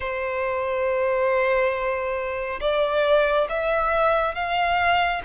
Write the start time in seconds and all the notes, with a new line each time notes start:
0.00 C5
2.60 D5
3.49 E5
4.34 F5